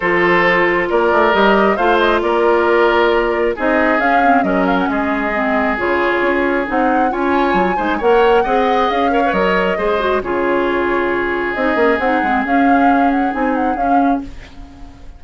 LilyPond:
<<
  \new Staff \with { instrumentName = "flute" } { \time 4/4 \tempo 4 = 135 c''2 d''4 dis''4 | f''8 dis''8 d''2. | dis''4 f''4 dis''8 f''16 fis''16 dis''4~ | dis''4 cis''2 fis''4 |
gis''2 fis''2 | f''4 dis''2 cis''4~ | cis''2 dis''4 fis''4 | f''4. fis''8 gis''8 fis''8 f''4 | }
  \new Staff \with { instrumentName = "oboe" } { \time 4/4 a'2 ais'2 | c''4 ais'2. | gis'2 ais'4 gis'4~ | gis'1 |
cis''4. c''8 cis''4 dis''4~ | dis''8 cis''4. c''4 gis'4~ | gis'1~ | gis'1 | }
  \new Staff \with { instrumentName = "clarinet" } { \time 4/4 f'2. g'4 | f'1 | dis'4 cis'8 c'8 cis'2 | c'4 f'2 dis'4 |
f'4. dis'8 ais'4 gis'4~ | gis'8 ais'16 b'16 ais'4 gis'8 fis'8 f'4~ | f'2 dis'8 cis'8 dis'8 c'8 | cis'2 dis'4 cis'4 | }
  \new Staff \with { instrumentName = "bassoon" } { \time 4/4 f2 ais8 a8 g4 | a4 ais2. | c'4 cis'4 fis4 gis4~ | gis4 cis4 cis'4 c'4 |
cis'4 fis8 gis8 ais4 c'4 | cis'4 fis4 gis4 cis4~ | cis2 c'8 ais8 c'8 gis8 | cis'2 c'4 cis'4 | }
>>